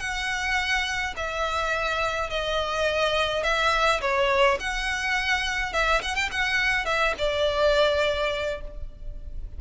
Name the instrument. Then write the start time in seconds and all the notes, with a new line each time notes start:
violin
0.00 F#5
1.17 E5
2.30 D#5
3.44 E5
4.01 C#5
4.60 F#5
5.73 E5
6.02 F#5
6.15 G5
6.32 F#5
6.86 E5
7.18 D5